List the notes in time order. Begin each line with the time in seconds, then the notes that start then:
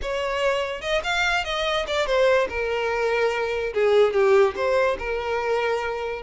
0.02 C#5
0.81 D#5
1.03 F5
1.44 D#5
1.87 D5
2.06 C5
2.49 A#4
3.73 G#4
4.13 G4
4.55 C5
4.98 A#4